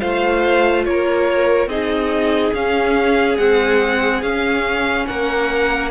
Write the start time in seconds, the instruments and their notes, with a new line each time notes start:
0.00 cello A3, viola F4, violin C5 F5
0.85 cello A#3, violin A#4 C#5
1.67 cello C4, viola D#4, violin G#4 D#5
2.54 viola C#4, cello C#4, violin F5
3.37 viola G#3, cello C4, violin F#5
4.23 cello C#4, viola C#4, violin F5
5.07 cello A#3, violin A#4 F#5